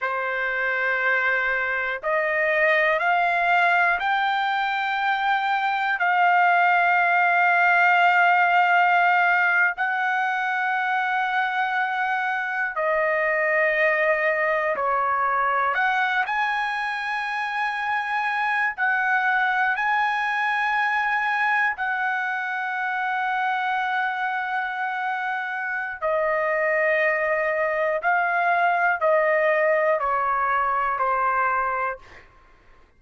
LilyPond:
\new Staff \with { instrumentName = "trumpet" } { \time 4/4 \tempo 4 = 60 c''2 dis''4 f''4 | g''2 f''2~ | f''4.~ f''16 fis''2~ fis''16~ | fis''8. dis''2 cis''4 fis''16~ |
fis''16 gis''2~ gis''8 fis''4 gis''16~ | gis''4.~ gis''16 fis''2~ fis''16~ | fis''2 dis''2 | f''4 dis''4 cis''4 c''4 | }